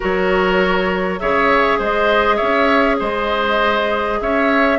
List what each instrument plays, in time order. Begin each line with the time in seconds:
0.00 bassoon F#3, clarinet F#4, oboe A#4, flute C#5
1.19 bassoon C#3, clarinet G#4, oboe C#5, flute E5
1.78 bassoon G#3, oboe C5, flute D#5
2.36 bassoon C#4, oboe C#5, flute E5
2.99 bassoon G#3, oboe C5, flute D#5
4.20 bassoon C#4, oboe C#5, flute E5